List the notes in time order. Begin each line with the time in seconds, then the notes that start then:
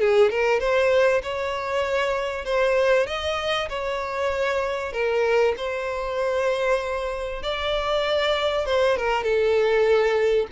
0.00 G#4
0.30 A#4
0.60 C5
1.22 C#5
2.45 C5
3.06 D#5
3.69 C#5
4.93 A#4
5.57 C5
7.43 D5
8.66 C5
8.97 A#4
9.23 A4